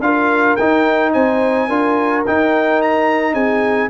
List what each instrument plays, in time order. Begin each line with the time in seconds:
0.00 tuba D4, trombone F4, horn A#4, trumpet F5
0.56 tuba D#4, trombone D#4, trumpet G5
1.13 tuba C4, horn C5, trumpet G#5
1.68 tuba D4, trombone F4, horn A#4
2.26 trombone D#4, tuba D#4, trumpet G5
2.82 trumpet A#5
3.33 tuba C4, horn G#4, trumpet G#5